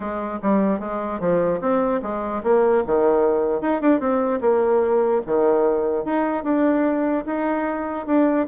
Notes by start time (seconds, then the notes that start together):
0.00 G#3
0.42 G3
0.79 G#3
1.20 F3
1.60 C4
2.02 G#3
2.43 A#3
2.86 D#3
3.61 D#4
3.81 D4
4.00 C4
4.41 A#3
5.26 D#3
6.04 D#4
6.43 D4
7.26 D#4
8.06 D4